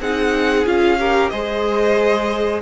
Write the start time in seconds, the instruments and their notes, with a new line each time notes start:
0.00 cello C4, viola D#4, violin G#4 F#5
0.65 cello C#4, viola F4, violin F5
0.99 viola G4, violin A#4
1.29 cello G#3, viola G#4, violin C5 D#5